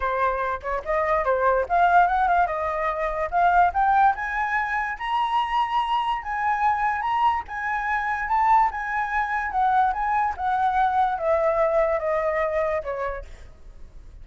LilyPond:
\new Staff \with { instrumentName = "flute" } { \time 4/4 \tempo 4 = 145 c''4. cis''8 dis''4 c''4 | f''4 fis''8 f''8 dis''2 | f''4 g''4 gis''2 | ais''2. gis''4~ |
gis''4 ais''4 gis''2 | a''4 gis''2 fis''4 | gis''4 fis''2 e''4~ | e''4 dis''2 cis''4 | }